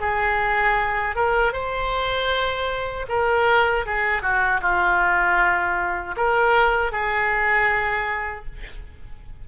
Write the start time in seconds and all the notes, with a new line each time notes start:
0.00 G#4
1.15 A#4
1.52 C5
3.08 A#4
3.85 G#4
4.22 F#4
4.61 F4
6.16 A#4
6.91 G#4